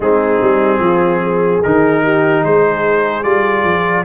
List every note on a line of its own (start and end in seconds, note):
0.00 0.40 G#3
0.00 1.63 C4
0.00 0.79 D#4
0.00 1.62 G#4
0.41 0.79 G3
0.79 1.60 F3
0.79 1.20 F4
1.23 2.03 G#4
1.62 2.43 D#3
1.62 3.23 D#4
1.62 2.43 A#4
2.03 2.43 G4
2.43 3.23 G#3
2.43 4.05 G#4
2.43 3.23 C5
3.23 3.64 G3
3.23 4.04 F4
3.23 4.04 D5
3.64 4.04 F3